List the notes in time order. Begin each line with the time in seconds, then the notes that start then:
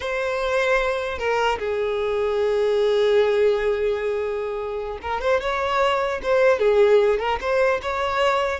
0.00 C5
1.18 A#4
1.58 G#4
5.02 A#4
5.21 C5
5.41 C#5
6.22 C5
6.59 G#4
7.19 A#4
7.41 C5
7.81 C#5